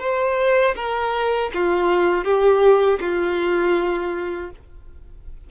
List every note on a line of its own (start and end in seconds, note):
0.00 0.75 C5
0.76 1.51 A#4
1.54 2.25 F4
2.25 3.00 G4
3.01 4.51 F4